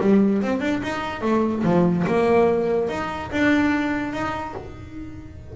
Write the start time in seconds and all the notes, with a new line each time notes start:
0.00 G3
0.42 C4
0.60 D4
0.83 D#4
1.21 A3
1.64 F3
2.07 A#3
2.89 D#4
3.31 D4
4.13 D#4